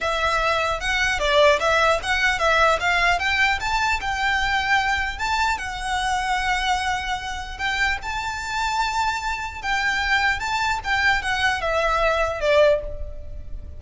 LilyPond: \new Staff \with { instrumentName = "violin" } { \time 4/4 \tempo 4 = 150 e''2 fis''4 d''4 | e''4 fis''4 e''4 f''4 | g''4 a''4 g''2~ | g''4 a''4 fis''2~ |
fis''2. g''4 | a''1 | g''2 a''4 g''4 | fis''4 e''2 d''4 | }